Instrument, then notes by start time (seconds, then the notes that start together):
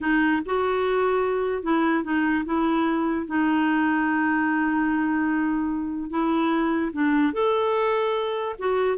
clarinet
0.01 D#4
0.45 F#4
1.62 E4
2.03 D#4
2.45 E4
3.26 D#4
6.09 E4
6.92 D4
7.33 A4
8.58 F#4